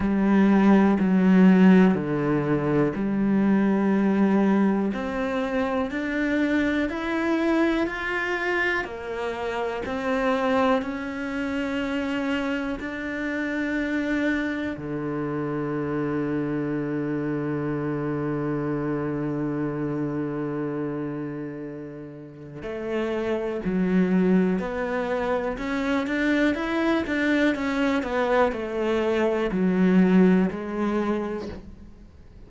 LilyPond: \new Staff \with { instrumentName = "cello" } { \time 4/4 \tempo 4 = 61 g4 fis4 d4 g4~ | g4 c'4 d'4 e'4 | f'4 ais4 c'4 cis'4~ | cis'4 d'2 d4~ |
d1~ | d2. a4 | fis4 b4 cis'8 d'8 e'8 d'8 | cis'8 b8 a4 fis4 gis4 | }